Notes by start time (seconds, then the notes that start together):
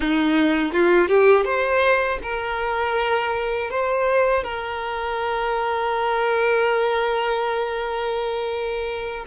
0.00 D#4
0.72 F4
1.07 G4
1.44 C5
2.22 A#4
3.70 C5
4.43 A#4